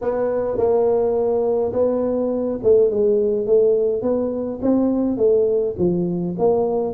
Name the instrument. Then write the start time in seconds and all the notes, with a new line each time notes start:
tuba
0.01 B3
0.57 A#3
1.73 B3
2.63 A3
2.90 G#3
3.46 A3
4.01 B3
4.62 C4
5.17 A3
5.78 F3
6.38 A#3